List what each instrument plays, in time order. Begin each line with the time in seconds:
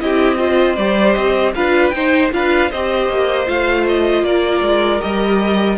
0.00 cello C4, viola E4, violin G4 D#5
0.38 viola F4, violin C5
0.76 cello G3, viola G4, violin D5
1.13 cello C4, violin D#5
1.55 cello D4, viola F4, violin B4 F5
1.90 cello D#4, viola D#4, violin C5 G5
2.32 cello D4, viola F4, violin B4 F5
2.70 cello C4, viola G4, violin C5 D#5
3.09 cello A#3
3.46 cello A3, viola F4, violin F5
3.88 violin D#5
4.23 cello A#3, violin A#4 D5
4.62 cello G#3
5.00 cello G3, viola G4, violin D#5